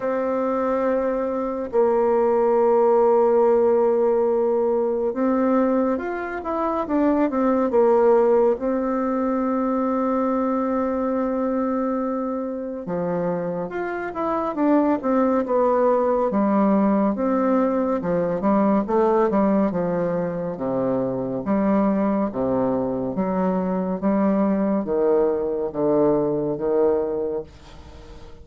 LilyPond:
\new Staff \with { instrumentName = "bassoon" } { \time 4/4 \tempo 4 = 70 c'2 ais2~ | ais2 c'4 f'8 e'8 | d'8 c'8 ais4 c'2~ | c'2. f4 |
f'8 e'8 d'8 c'8 b4 g4 | c'4 f8 g8 a8 g8 f4 | c4 g4 c4 fis4 | g4 dis4 d4 dis4 | }